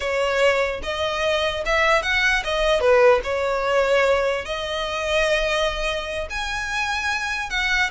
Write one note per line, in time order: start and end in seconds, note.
0.00 0.81 C#5
0.82 1.63 D#5
1.65 2.02 E5
2.02 2.43 F#5
2.43 2.80 D#5
2.80 3.20 B4
3.23 4.45 C#5
4.45 6.27 D#5
6.29 7.49 G#5
7.49 7.90 F#5